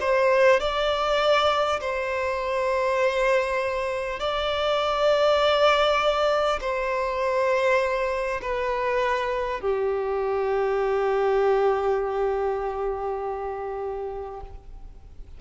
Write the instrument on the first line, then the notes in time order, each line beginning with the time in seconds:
violin
0.00 C5
0.59 D5
1.80 C5
4.19 D5
6.60 C5
8.41 B4
9.61 G4